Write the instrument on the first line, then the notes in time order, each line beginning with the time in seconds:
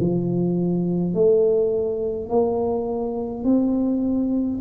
tuba
0.00 F3
1.14 A3
2.29 A#3
3.44 C4